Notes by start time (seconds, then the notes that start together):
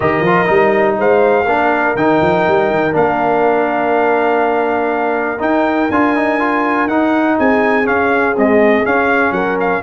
0.00 D#3 G4 A#4 D#5
0.20 F3 F4
0.46 G3 D#4
0.98 G#3 C5 F5
1.45 A#3 D4 A#4
1.95 D#3 D#4 G5
2.21 F3
2.47 G3
2.70 D#3
2.92 A#3 D4 F5
5.39 D#4 G5
5.90 D4 F4 G#5
6.15 D#4
6.39 F4
6.86 D#4 F#5
7.38 C4 G#4 G#5
7.84 C#4 F5
8.35 G#3 C4 D#5
8.85 C#4 F5
9.31 F#3 A#4 F#5
9.60 F5